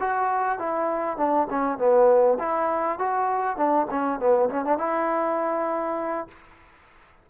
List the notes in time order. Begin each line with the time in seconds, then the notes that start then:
0.00 F#4
0.59 E4
1.17 D4
1.50 C#4
1.78 B3
2.39 E4
2.99 F#4
3.57 D4
3.90 C#4
4.19 B3
4.50 C#4
4.65 D4
4.78 E4